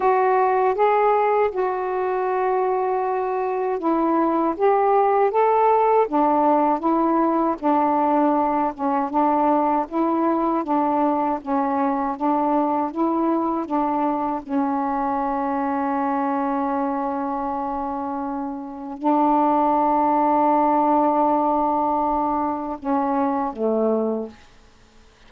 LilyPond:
\new Staff \with { instrumentName = "saxophone" } { \time 4/4 \tempo 4 = 79 fis'4 gis'4 fis'2~ | fis'4 e'4 g'4 a'4 | d'4 e'4 d'4. cis'8 | d'4 e'4 d'4 cis'4 |
d'4 e'4 d'4 cis'4~ | cis'1~ | cis'4 d'2.~ | d'2 cis'4 a4 | }